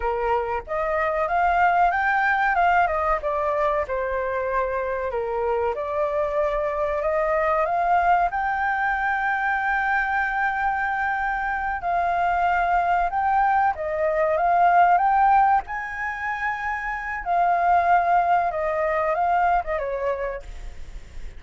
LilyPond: \new Staff \with { instrumentName = "flute" } { \time 4/4 \tempo 4 = 94 ais'4 dis''4 f''4 g''4 | f''8 dis''8 d''4 c''2 | ais'4 d''2 dis''4 | f''4 g''2.~ |
g''2~ g''8 f''4.~ | f''8 g''4 dis''4 f''4 g''8~ | g''8 gis''2~ gis''8 f''4~ | f''4 dis''4 f''8. dis''16 cis''4 | }